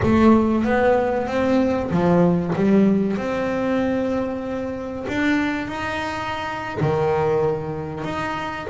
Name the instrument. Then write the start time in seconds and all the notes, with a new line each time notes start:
double bass
0.02 A3
0.64 B3
1.27 C4
1.90 F3
2.56 G3
3.16 C4
5.08 D4
5.67 D#4
6.80 D#3
8.04 D#4